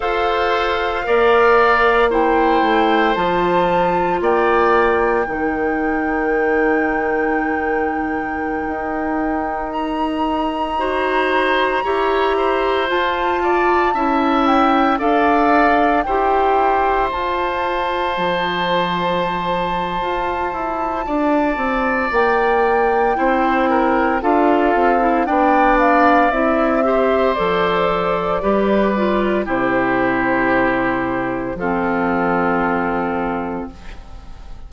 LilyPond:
<<
  \new Staff \with { instrumentName = "flute" } { \time 4/4 \tempo 4 = 57 f''2 g''4 a''4 | g''1~ | g''4~ g''16 ais''2~ ais''8.~ | ais''16 a''4. g''8 f''4 g''8.~ |
g''16 a''2.~ a''8.~ | a''4 g''2 f''4 | g''8 f''8 e''4 d''2 | c''2 a'2 | }
  \new Staff \with { instrumentName = "oboe" } { \time 4/4 c''4 d''4 c''2 | d''4 ais'2.~ | ais'2~ ais'16 c''4 cis''8 c''16~ | c''8. d''8 e''4 d''4 c''8.~ |
c''1 | d''2 c''8 ais'8 a'4 | d''4. c''4. b'4 | g'2 f'2 | }
  \new Staff \with { instrumentName = "clarinet" } { \time 4/4 a'4 ais'4 e'4 f'4~ | f'4 dis'2.~ | dis'2~ dis'16 fis'4 g'8.~ | g'16 f'4 e'4 a'4 g'8.~ |
g'16 f'2.~ f'8.~ | f'2 e'4 f'8. e'16 | d'4 e'8 g'8 a'4 g'8 f'8 | e'2 c'2 | }
  \new Staff \with { instrumentName = "bassoon" } { \time 4/4 f'4 ais4. a8 f4 | ais4 dis2.~ | dis16 dis'2. e'8.~ | e'16 f'4 cis'4 d'4 e'8.~ |
e'16 f'4 f4.~ f16 f'8 e'8 | d'8 c'8 ais4 c'4 d'8 c'8 | b4 c'4 f4 g4 | c2 f2 | }
>>